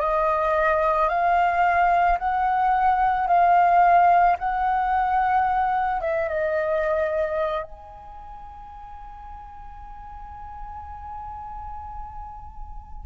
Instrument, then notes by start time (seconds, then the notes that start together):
flute
0.00 D#5
1.09 F5
2.18 F#5
3.27 F5
4.39 F#5
6.01 E5
6.28 D#5
7.64 G#5